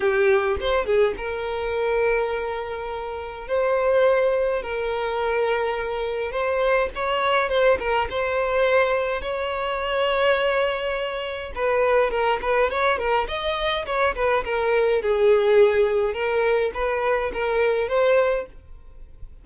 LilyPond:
\new Staff \with { instrumentName = "violin" } { \time 4/4 \tempo 4 = 104 g'4 c''8 gis'8 ais'2~ | ais'2 c''2 | ais'2. c''4 | cis''4 c''8 ais'8 c''2 |
cis''1 | b'4 ais'8 b'8 cis''8 ais'8 dis''4 | cis''8 b'8 ais'4 gis'2 | ais'4 b'4 ais'4 c''4 | }